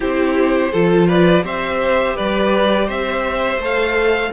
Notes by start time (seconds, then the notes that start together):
0.00 C4 E4 G4 C5
0.71 F3 F4 A4
1.07 B4 D5
1.43 C4 G4 C5 E5
2.16 G3 B4 D5
2.86 C4 C5 E5
3.57 A3 A4
3.64 F5